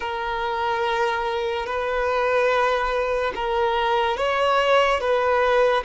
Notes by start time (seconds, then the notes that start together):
0.00 A#4
1.66 B4
3.35 A#4
4.17 C#5
5.00 B4